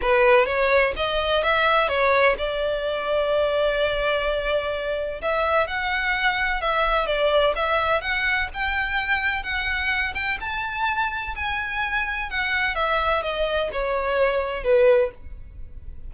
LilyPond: \new Staff \with { instrumentName = "violin" } { \time 4/4 \tempo 4 = 127 b'4 cis''4 dis''4 e''4 | cis''4 d''2.~ | d''2. e''4 | fis''2 e''4 d''4 |
e''4 fis''4 g''2 | fis''4. g''8 a''2 | gis''2 fis''4 e''4 | dis''4 cis''2 b'4 | }